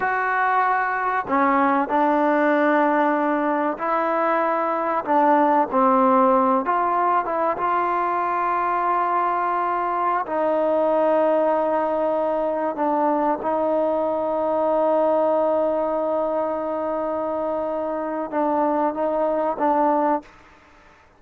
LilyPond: \new Staff \with { instrumentName = "trombone" } { \time 4/4 \tempo 4 = 95 fis'2 cis'4 d'4~ | d'2 e'2 | d'4 c'4. f'4 e'8 | f'1~ |
f'16 dis'2.~ dis'8.~ | dis'16 d'4 dis'2~ dis'8.~ | dis'1~ | dis'4 d'4 dis'4 d'4 | }